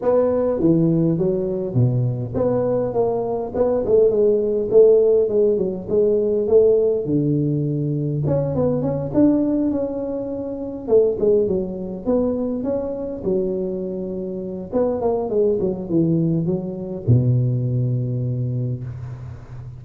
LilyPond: \new Staff \with { instrumentName = "tuba" } { \time 4/4 \tempo 4 = 102 b4 e4 fis4 b,4 | b4 ais4 b8 a8 gis4 | a4 gis8 fis8 gis4 a4 | d2 cis'8 b8 cis'8 d'8~ |
d'8 cis'2 a8 gis8 fis8~ | fis8 b4 cis'4 fis4.~ | fis4 b8 ais8 gis8 fis8 e4 | fis4 b,2. | }